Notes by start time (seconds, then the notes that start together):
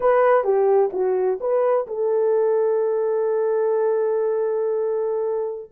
0.00 B4
0.44 G4
0.92 F#4
1.40 B4
1.87 A4